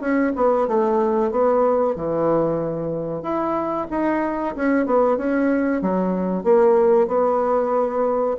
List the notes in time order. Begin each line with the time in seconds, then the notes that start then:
0.00 C#4
0.35 B3
0.67 A3
1.31 B3
1.95 E3
3.22 E4
3.90 D#4
4.55 C#4
4.86 B3
5.17 C#4
5.82 F#3
6.43 A#3
7.07 B3